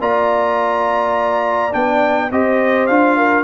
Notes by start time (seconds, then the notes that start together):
0.00 A#3 F4 D5 A#5
1.71 B3 D4 G5
2.31 C4 G4 C5 D#5
2.87 D4 F4 F5
3.17 A#4